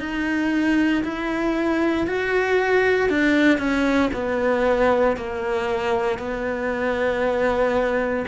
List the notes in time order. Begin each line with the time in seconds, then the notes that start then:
0.00 D#4
1.03 E4
2.07 F#4
3.09 D4
3.58 C#4
4.13 B3
5.17 A#3
6.18 B3